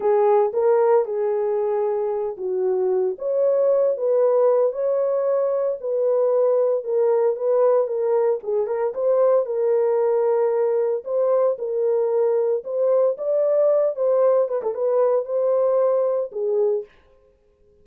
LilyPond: \new Staff \with { instrumentName = "horn" } { \time 4/4 \tempo 4 = 114 gis'4 ais'4 gis'2~ | gis'8 fis'4. cis''4. b'8~ | b'4 cis''2 b'4~ | b'4 ais'4 b'4 ais'4 |
gis'8 ais'8 c''4 ais'2~ | ais'4 c''4 ais'2 | c''4 d''4. c''4 b'16 a'16 | b'4 c''2 gis'4 | }